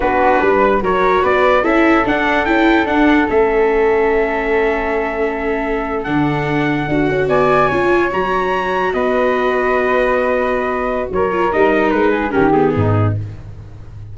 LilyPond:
<<
  \new Staff \with { instrumentName = "trumpet" } { \time 4/4 \tempo 4 = 146 b'2 cis''4 d''4 | e''4 fis''4 g''4 fis''4 | e''1~ | e''2~ e''8. fis''4~ fis''16~ |
fis''4.~ fis''16 gis''2 ais''16~ | ais''4.~ ais''16 dis''2~ dis''16~ | dis''2. cis''4 | dis''4 b'4 ais'8 gis'4. | }
  \new Staff \with { instrumentName = "flute" } { \time 4/4 fis'4 b'4 ais'4 b'4 | a'1~ | a'1~ | a'1~ |
a'4.~ a'16 d''4 cis''4~ cis''16~ | cis''4.~ cis''16 b'2~ b'16~ | b'2. ais'4~ | ais'4. gis'8 g'4 dis'4 | }
  \new Staff \with { instrumentName = "viola" } { \time 4/4 d'2 fis'2 | e'4 d'4 e'4 d'4 | cis'1~ | cis'2~ cis'8. d'4~ d'16~ |
d'8. fis'2 f'4 fis'16~ | fis'1~ | fis'2.~ fis'8 f'8 | dis'2 cis'8 b4. | }
  \new Staff \with { instrumentName = "tuba" } { \time 4/4 b4 g4 fis4 b4 | cis'4 d'4 cis'4 d'4 | a1~ | a2~ a8. d4~ d16~ |
d8. d'8 cis'8 b4 cis'4 fis16~ | fis4.~ fis16 b2~ b16~ | b2. fis4 | g4 gis4 dis4 gis,4 | }
>>